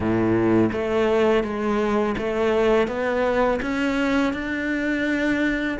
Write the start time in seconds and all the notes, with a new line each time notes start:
0.00 A2
0.72 A3
1.43 G#3
2.17 A3
2.87 B3
3.61 C#4
4.33 D4